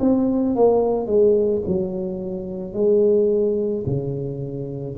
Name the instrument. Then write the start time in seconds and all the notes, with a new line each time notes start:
tuba
0.00 C4
0.56 A#3
1.06 G#3
1.67 F#3
2.73 G#3
3.86 C#3